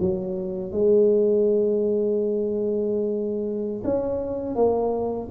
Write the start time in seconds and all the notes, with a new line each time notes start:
0.00 F#3
0.72 G#3
3.84 C#4
4.55 A#3